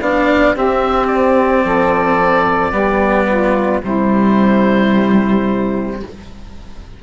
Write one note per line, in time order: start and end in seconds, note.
0.00 0.55 B3
0.00 0.55 D4
0.00 0.54 D5
0.00 0.55 F5
0.54 1.64 C4
0.54 2.72 C4
0.54 1.63 G4
0.54 1.07 E5
1.07 3.80 D5
1.64 2.72 F3
1.64 2.71 A4
2.71 3.81 G3
2.71 3.81 B3
2.71 3.25 G4
3.27 3.82 F4
3.82 6.00 C3
3.82 6.02 G3
3.82 6.00 E4
3.82 6.02 C5